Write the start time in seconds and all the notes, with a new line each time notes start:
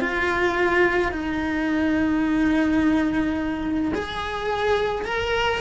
0.00 F4
1.11 D#4
3.94 G#4
5.05 A#4